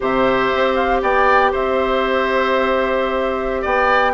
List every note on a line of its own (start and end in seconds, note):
0.00 0.51 C3
0.00 4.13 G4
0.00 1.01 C5
0.00 0.75 E5
0.54 1.02 C4
0.75 1.00 F5
1.02 1.52 B3
1.02 1.51 D5
1.02 1.53 G5
1.51 3.65 C4
1.51 3.61 C5
1.51 3.64 E5
3.61 4.13 B3
3.61 4.12 D5
3.61 4.13 G5